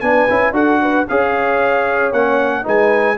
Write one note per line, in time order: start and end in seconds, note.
0.00 0.28 B3
0.00 0.29 D4
0.00 0.54 B4
0.00 0.53 G#5
0.30 0.52 C#4
0.30 0.53 E4
0.52 1.04 D4
0.52 1.06 F#4
0.52 0.80 A4
0.52 1.07 F#5
0.81 1.08 B4
1.08 2.12 C#4
1.08 2.14 G#4
1.08 2.64 C#5
1.08 2.12 F5
2.12 2.65 A#3
2.12 2.63 C#4
2.12 2.65 F#5
2.63 3.17 G#3
2.63 3.16 D#4
2.63 3.16 B4
2.63 3.17 G#5